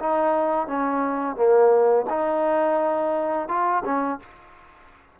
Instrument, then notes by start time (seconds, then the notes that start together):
trombone
0.00 D#4
0.68 C#4
1.36 A#3
2.10 D#4
3.49 F4
3.85 C#4